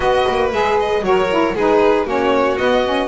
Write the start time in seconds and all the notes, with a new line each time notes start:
0.00 B3 F#4 B4 D#5
0.28 A#3
0.52 G#3 G#4 E5
0.79 D#5
1.02 F#3 F#4 A#4 C#5
1.30 E4
1.54 G#3 D#4 G#4 B4
2.05 A#3 C#4 F#4 C#5
2.57 B3 D#5
2.85 C#4